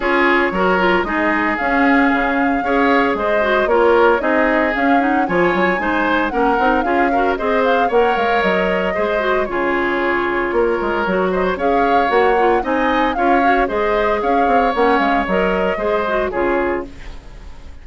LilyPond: <<
  \new Staff \with { instrumentName = "flute" } { \time 4/4 \tempo 4 = 114 cis''2 dis''4 f''4~ | f''2 dis''4 cis''4 | dis''4 f''8 fis''8 gis''2 | fis''4 f''4 dis''8 f''8 fis''8 f''8 |
dis''2 cis''2~ | cis''4. dis''16 cis''16 f''4 fis''4 | gis''4 f''4 dis''4 f''4 | fis''8 f''8 dis''2 cis''4 | }
  \new Staff \with { instrumentName = "oboe" } { \time 4/4 gis'4 ais'4 gis'2~ | gis'4 cis''4 c''4 ais'4 | gis'2 cis''4 c''4 | ais'4 gis'8 ais'8 c''4 cis''4~ |
cis''4 c''4 gis'2 | ais'4. c''8 cis''2 | dis''4 cis''4 c''4 cis''4~ | cis''2 c''4 gis'4 | }
  \new Staff \with { instrumentName = "clarinet" } { \time 4/4 f'4 fis'8 f'8 dis'4 cis'4~ | cis'4 gis'4. fis'8 f'4 | dis'4 cis'8 dis'8 f'4 dis'4 | cis'8 dis'8 f'8 fis'8 gis'4 ais'4~ |
ais'4 gis'8 fis'8 f'2~ | f'4 fis'4 gis'4 fis'8 f'8 | dis'4 f'8 fis'8 gis'2 | cis'4 ais'4 gis'8 fis'8 f'4 | }
  \new Staff \with { instrumentName = "bassoon" } { \time 4/4 cis'4 fis4 gis4 cis'4 | cis4 cis'4 gis4 ais4 | c'4 cis'4 f8 fis8 gis4 | ais8 c'8 cis'4 c'4 ais8 gis8 |
fis4 gis4 cis2 | ais8 gis8 fis4 cis'4 ais4 | c'4 cis'4 gis4 cis'8 c'8 | ais8 gis8 fis4 gis4 cis4 | }
>>